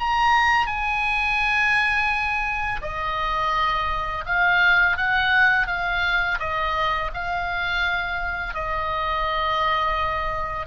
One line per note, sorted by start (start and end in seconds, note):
0.00 0.67 A#5
0.67 2.81 G#5
2.82 4.25 D#5
4.26 4.97 F5
4.97 5.67 F#5
5.67 6.39 F5
6.40 7.11 D#5
7.14 8.55 F5
8.55 10.67 D#5